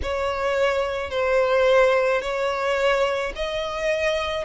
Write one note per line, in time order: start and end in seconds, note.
0.02 1.10 C#5
1.10 2.21 C5
2.21 3.32 C#5
3.35 4.44 D#5